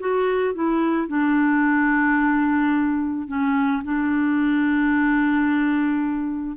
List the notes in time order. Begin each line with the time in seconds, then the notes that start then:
0.00 F#4
0.55 E4
1.08 D4
3.28 C#4
3.84 D4